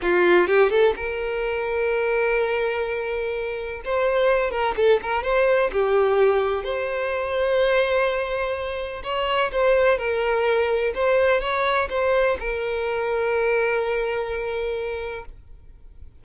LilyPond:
\new Staff \with { instrumentName = "violin" } { \time 4/4 \tempo 4 = 126 f'4 g'8 a'8 ais'2~ | ais'1 | c''4. ais'8 a'8 ais'8 c''4 | g'2 c''2~ |
c''2. cis''4 | c''4 ais'2 c''4 | cis''4 c''4 ais'2~ | ais'1 | }